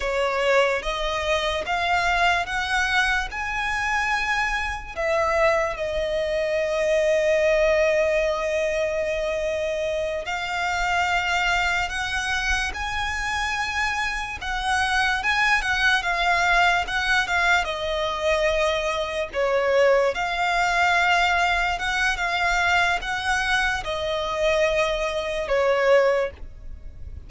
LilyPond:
\new Staff \with { instrumentName = "violin" } { \time 4/4 \tempo 4 = 73 cis''4 dis''4 f''4 fis''4 | gis''2 e''4 dis''4~ | dis''1~ | dis''8 f''2 fis''4 gis''8~ |
gis''4. fis''4 gis''8 fis''8 f''8~ | f''8 fis''8 f''8 dis''2 cis''8~ | cis''8 f''2 fis''8 f''4 | fis''4 dis''2 cis''4 | }